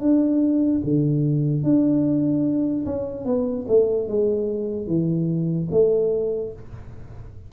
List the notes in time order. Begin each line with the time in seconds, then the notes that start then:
0.00 D4
0.84 D3
1.63 D4
2.85 C#4
3.25 B3
3.68 A3
4.08 G#3
4.86 E3
5.71 A3